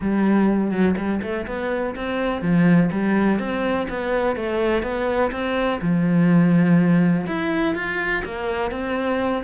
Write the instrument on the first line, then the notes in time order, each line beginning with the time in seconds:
cello
0.00 G3
0.71 F#3
0.97 G3
1.22 A3
1.46 B3
1.95 C4
2.41 F3
2.91 G3
3.39 C4
3.89 B3
4.35 A3
4.82 B3
5.31 C4
5.81 F3
7.26 E4
7.74 F4
8.24 A#3
8.71 C4